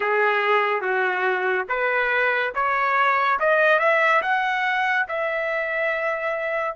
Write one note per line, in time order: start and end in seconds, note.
0.00 0.81 G#4
0.81 1.65 F#4
1.68 2.53 B4
2.54 3.39 C#5
3.39 3.79 D#5
3.79 4.21 E5
4.22 5.06 F#5
5.08 6.75 E5